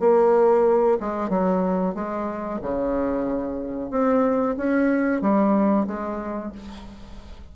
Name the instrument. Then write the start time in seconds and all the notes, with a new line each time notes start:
bassoon
0.00 A#3
1.00 G#3
1.29 F#3
1.95 G#3
2.62 C#3
3.91 C4
4.57 C#4
5.22 G3
5.87 G#3